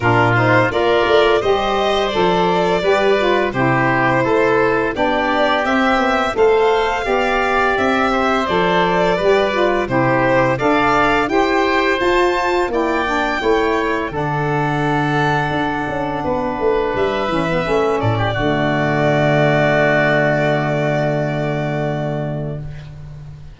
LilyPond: <<
  \new Staff \with { instrumentName = "violin" } { \time 4/4 \tempo 4 = 85 ais'8 c''8 d''4 dis''4 d''4~ | d''4 c''2 d''4 | e''4 f''2 e''4 | d''2 c''4 f''4 |
g''4 a''4 g''2 | fis''1 | e''4. d''2~ d''8~ | d''1 | }
  \new Staff \with { instrumentName = "oboe" } { \time 4/4 f'4 ais'4 c''2 | b'4 g'4 a'4 g'4~ | g'4 c''4 d''4. c''8~ | c''4 b'4 g'4 d''4 |
c''2 d''4 cis''4 | a'2. b'4~ | b'4. a'16 g'16 fis'2~ | fis'1 | }
  \new Staff \with { instrumentName = "saxophone" } { \time 4/4 d'8 dis'8 f'4 g'4 a'4 | g'8 f'8 e'2 d'4 | c'4 a'4 g'2 | a'4 g'8 f'8 e'4 a'4 |
g'4 f'4 e'8 d'8 e'4 | d'1~ | d'8 cis'16 b16 cis'4 a2~ | a1 | }
  \new Staff \with { instrumentName = "tuba" } { \time 4/4 ais,4 ais8 a8 g4 f4 | g4 c4 a4 b4 | c'8 b8 a4 b4 c'4 | f4 g4 c4 d'4 |
e'4 f'4 ais4 a4 | d2 d'8 cis'8 b8 a8 | g8 e8 a8 a,8 d2~ | d1 | }
>>